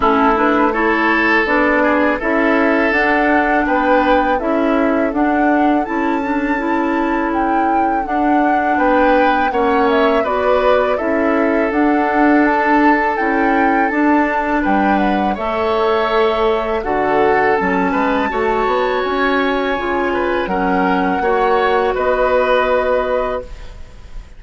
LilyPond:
<<
  \new Staff \with { instrumentName = "flute" } { \time 4/4 \tempo 4 = 82 a'8 b'8 cis''4 d''4 e''4 | fis''4 g''4 e''4 fis''4 | a''2 g''4 fis''4 | g''4 fis''8 e''8 d''4 e''4 |
fis''4 a''4 g''4 a''4 | g''8 fis''8 e''2 fis''4 | a''2 gis''2 | fis''2 dis''2 | }
  \new Staff \with { instrumentName = "oboe" } { \time 4/4 e'4 a'4. gis'8 a'4~ | a'4 b'4 a'2~ | a'1 | b'4 cis''4 b'4 a'4~ |
a'1 | b'4 cis''2 a'4~ | a'8 b'8 cis''2~ cis''8 b'8 | ais'4 cis''4 b'2 | }
  \new Staff \with { instrumentName = "clarinet" } { \time 4/4 cis'8 d'8 e'4 d'4 e'4 | d'2 e'4 d'4 | e'8 d'8 e'2 d'4~ | d'4 cis'4 fis'4 e'4 |
d'2 e'4 d'4~ | d'4 a'2 fis'4 | cis'4 fis'2 f'4 | cis'4 fis'2. | }
  \new Staff \with { instrumentName = "bassoon" } { \time 4/4 a2 b4 cis'4 | d'4 b4 cis'4 d'4 | cis'2. d'4 | b4 ais4 b4 cis'4 |
d'2 cis'4 d'4 | g4 a2 d4 | fis8 gis8 a8 b8 cis'4 cis4 | fis4 ais4 b2 | }
>>